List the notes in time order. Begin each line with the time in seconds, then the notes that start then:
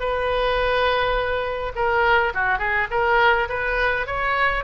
0.00 B4
1.76 A#4
2.34 F#4
2.59 G#4
2.91 A#4
3.49 B4
4.07 C#5